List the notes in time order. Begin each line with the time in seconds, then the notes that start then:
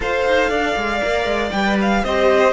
0.00 F4 A4 C5 F5
0.26 D#4
0.49 D4 D5
0.75 G#3
1.01 A#3 A#4
1.25 G#3
1.50 G3 B4 G5
1.81 F5
2.03 C4 G4 C5 D#5